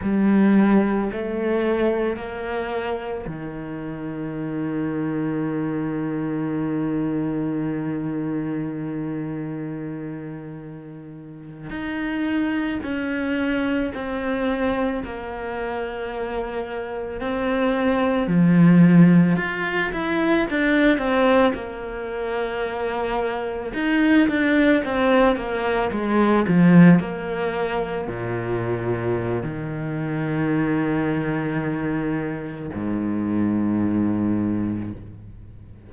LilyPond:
\new Staff \with { instrumentName = "cello" } { \time 4/4 \tempo 4 = 55 g4 a4 ais4 dis4~ | dis1~ | dis2~ dis8. dis'4 cis'16~ | cis'8. c'4 ais2 c'16~ |
c'8. f4 f'8 e'8 d'8 c'8 ais16~ | ais4.~ ais16 dis'8 d'8 c'8 ais8 gis16~ | gis16 f8 ais4 ais,4~ ais,16 dis4~ | dis2 gis,2 | }